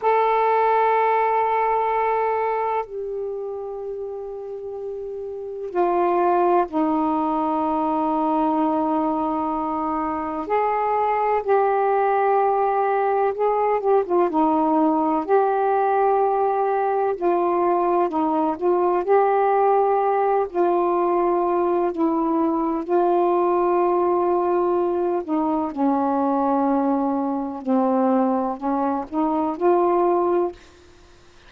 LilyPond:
\new Staff \with { instrumentName = "saxophone" } { \time 4/4 \tempo 4 = 63 a'2. g'4~ | g'2 f'4 dis'4~ | dis'2. gis'4 | g'2 gis'8 g'16 f'16 dis'4 |
g'2 f'4 dis'8 f'8 | g'4. f'4. e'4 | f'2~ f'8 dis'8 cis'4~ | cis'4 c'4 cis'8 dis'8 f'4 | }